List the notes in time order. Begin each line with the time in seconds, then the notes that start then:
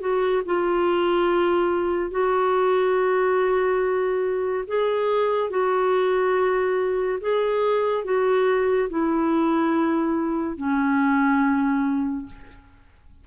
0.00 F#4
0.45 F4
2.10 F#4
4.67 G#4
5.50 F#4
7.21 G#4
8.04 F#4
8.89 E4
10.57 C#4